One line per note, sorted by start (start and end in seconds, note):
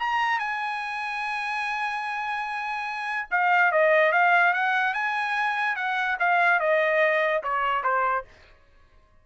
0.00 0.39 A#5
0.39 3.29 G#5
3.31 3.72 F5
3.72 4.13 D#5
4.13 4.54 F5
4.54 4.94 F#5
4.94 5.76 G#5
5.76 6.18 F#5
6.20 6.60 F5
6.60 7.43 D#5
7.44 7.84 C#5
7.84 8.25 C5